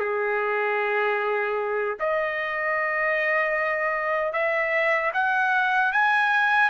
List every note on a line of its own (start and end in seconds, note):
0.00 1.97 G#4
2.00 4.33 D#5
4.33 5.12 E5
5.14 5.93 F#5
5.93 6.70 G#5